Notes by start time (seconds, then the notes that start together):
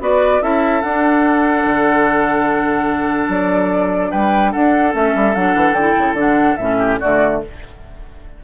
0.00 B3 F#4 B4 D5
0.41 C#4 E4 A4 E5
0.82 D4 F#5
1.65 D3
3.28 F#3 D5
4.11 G3 B4 G5
4.52 D4 A4 F#5
4.93 A3 C#4 E5
5.15 G3
5.35 F#3 D4 F#5
5.55 E3
5.73 D3 G5
5.79 E4
5.98 C#3
6.14 D3 D4
6.20 F#5
6.56 A2 C#4 E5
6.78 G4
7.00 D3 A3 F#4 D5